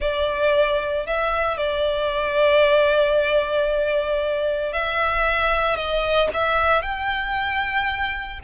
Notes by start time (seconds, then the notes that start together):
0.00 D5
1.06 E5
1.57 D5
4.72 E5
5.76 D#5
6.33 E5
6.82 G5